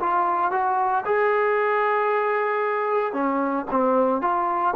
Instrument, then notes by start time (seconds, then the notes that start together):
trombone
0.00 F4
0.52 F#4
1.06 G#4
3.13 C#4
3.71 C4
4.22 F4